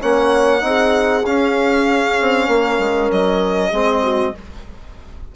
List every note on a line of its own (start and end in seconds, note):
0.00 0.62 A#3
0.00 0.60 C#4
0.00 0.62 C#5
0.00 1.25 F#5
0.60 1.24 C4
0.60 1.22 D#4
0.60 2.48 G#4
1.25 2.18 C#4
1.25 3.73 C#4
1.25 3.11 F5
2.21 2.48 C4
2.48 2.78 A#3
2.48 3.70 A#4
2.78 3.09 G#3
3.11 3.72 F#3
3.11 4.35 D#5
3.70 4.33 G#3
3.70 4.34 C4
3.70 4.01 G#4
4.03 4.34 F#4